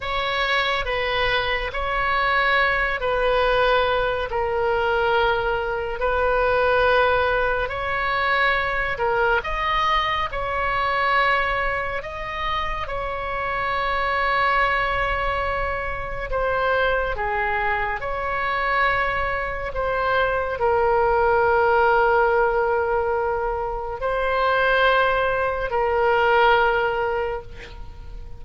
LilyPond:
\new Staff \with { instrumentName = "oboe" } { \time 4/4 \tempo 4 = 70 cis''4 b'4 cis''4. b'8~ | b'4 ais'2 b'4~ | b'4 cis''4. ais'8 dis''4 | cis''2 dis''4 cis''4~ |
cis''2. c''4 | gis'4 cis''2 c''4 | ais'1 | c''2 ais'2 | }